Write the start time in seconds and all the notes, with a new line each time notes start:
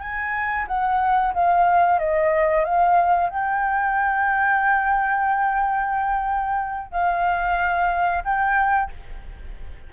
0.00 G#5
0.67 F#5
1.34 F5
1.99 D#5
2.65 F5
3.29 G5
6.91 F5
8.24 G5